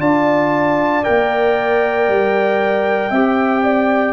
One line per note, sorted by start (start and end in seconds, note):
0.00 1.03 D4
0.00 1.04 F4
0.00 3.11 D5
0.00 1.04 A5
1.04 2.08 A#3
1.04 3.11 A#4
1.04 4.13 G5
2.08 3.11 G3
3.11 4.13 C4
3.11 4.13 G4
3.11 3.62 E5
3.64 4.13 D5